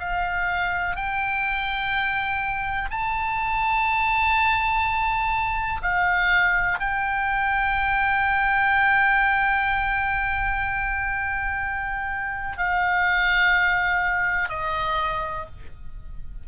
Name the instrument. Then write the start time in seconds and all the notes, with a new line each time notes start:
oboe
0.00 F5
0.96 G5
2.91 A5
5.82 F5
6.80 G5
12.58 F5
14.49 D#5